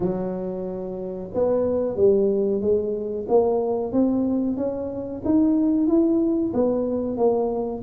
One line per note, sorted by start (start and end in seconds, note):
0.00 1.30 F#3
1.34 1.96 B3
1.96 2.61 G3
2.61 3.26 G#3
3.28 3.92 A#3
3.92 4.57 C4
4.57 5.22 C#4
5.24 5.87 D#4
5.87 6.52 E4
6.53 7.17 B3
7.17 7.82 A#3